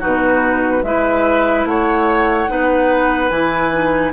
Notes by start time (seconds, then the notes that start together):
0.00 B2 D#4 F#4 B4
0.83 G#3 E4 B4 E5
1.65 A3 C#5 F#5
2.48 B3 D#4 B4
3.30 E3 E4 G#5
3.73 D#4